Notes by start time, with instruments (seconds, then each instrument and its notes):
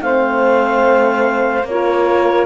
0.00 cello A3, horn C4, saxophone C5, clarinet F5
1.63 cello A#3, clarinet C#5
1.69 horn F4, saxophone A#4